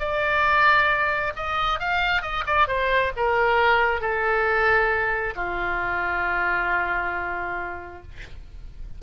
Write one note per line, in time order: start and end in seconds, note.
0.00 1.33 D5
1.36 1.80 D#5
1.80 2.22 F5
2.22 2.44 D#5
2.46 2.68 D5
2.68 3.12 C5
3.17 4.01 A#4
4.01 5.34 A4
5.36 8.02 F4